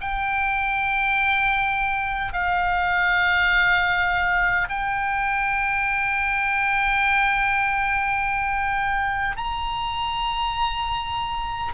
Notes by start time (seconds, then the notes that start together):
0.00 G5
2.33 F5
4.68 G5
9.36 A#5